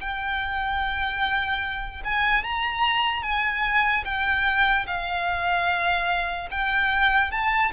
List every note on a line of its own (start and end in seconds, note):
0.00 2.03 G5
2.04 2.43 G#5
2.43 3.22 A#5
3.22 4.04 G#5
4.05 4.86 G5
4.86 6.49 F5
6.50 7.31 G5
7.31 7.71 A5